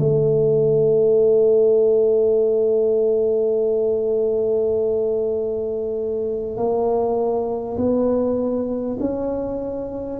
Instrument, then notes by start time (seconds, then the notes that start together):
tuba
0.00 A3
6.57 A#3
7.78 B3
9.01 C#4